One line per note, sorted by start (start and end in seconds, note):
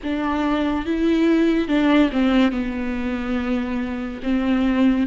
0.03 0.85 D4
0.85 1.67 E4
1.67 2.10 D4
2.12 2.51 C4
2.51 4.20 B3
4.23 5.07 C4